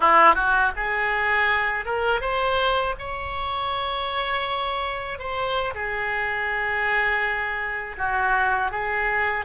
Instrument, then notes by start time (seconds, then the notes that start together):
oboe
0.00 E4
0.35 F#4
0.75 G#4
1.85 A#4
2.21 C5
2.98 C#5
5.18 C5
5.74 G#4
7.97 F#4
8.71 G#4